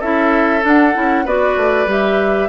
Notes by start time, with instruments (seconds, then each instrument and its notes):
0.00 bassoon C#4, clarinet E4, oboe A4, flute E5
0.62 clarinet D4, bassoon D4, flute F#5
0.94 bassoon C#4, clarinet E4
1.25 bassoon B3, clarinet F#4, oboe B4, flute D5
1.57 bassoon A3
1.86 bassoon G3, clarinet G4, flute E5